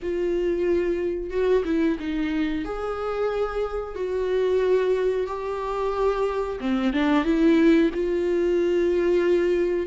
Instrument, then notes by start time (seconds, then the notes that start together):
viola
0.02 F4
1.30 F#4
1.65 E4
1.99 D#4
2.65 G#4
3.95 F#4
5.26 G4
6.60 C4
6.93 D4
7.24 E4
7.93 F4